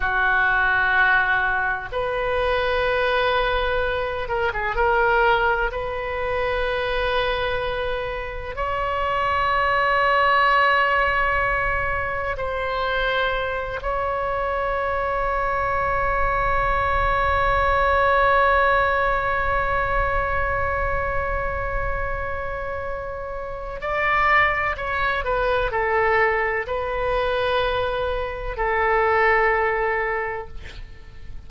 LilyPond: \new Staff \with { instrumentName = "oboe" } { \time 4/4 \tempo 4 = 63 fis'2 b'2~ | b'8 ais'16 gis'16 ais'4 b'2~ | b'4 cis''2.~ | cis''4 c''4. cis''4.~ |
cis''1~ | cis''1~ | cis''4 d''4 cis''8 b'8 a'4 | b'2 a'2 | }